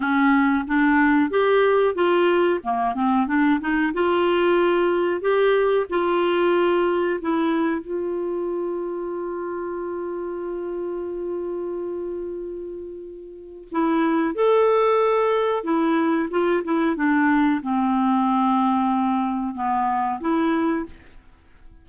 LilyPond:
\new Staff \with { instrumentName = "clarinet" } { \time 4/4 \tempo 4 = 92 cis'4 d'4 g'4 f'4 | ais8 c'8 d'8 dis'8 f'2 | g'4 f'2 e'4 | f'1~ |
f'1~ | f'4 e'4 a'2 | e'4 f'8 e'8 d'4 c'4~ | c'2 b4 e'4 | }